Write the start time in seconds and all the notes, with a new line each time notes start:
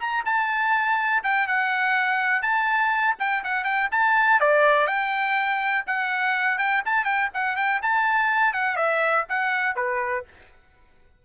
0.00 A#5
0.25 A5
1.24 G5
1.48 F#5
2.42 A5
3.20 G5
3.44 F#5
3.65 G5
3.92 A5
4.41 D5
4.87 G5
5.87 F#5
6.58 G5
6.86 A5
7.05 G5
7.34 F#5
7.57 G5
7.83 A5
8.54 F#5
8.76 E5
9.29 F#5
9.76 B4